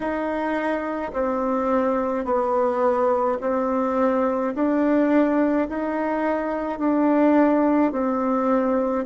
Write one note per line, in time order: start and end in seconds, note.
0.00 1.11 D#4
1.13 2.24 C4
2.24 3.38 B3
3.40 4.53 C4
4.54 5.68 D4
5.69 6.78 D#4
6.78 7.91 D4
7.91 9.05 C4